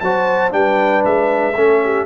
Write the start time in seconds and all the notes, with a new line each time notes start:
0.00 F#3 F#4 C5 A5
0.50 G3 D4 B4 G5
1.05 G#3 E5
1.55 A3 C#4 A4
1.84 G4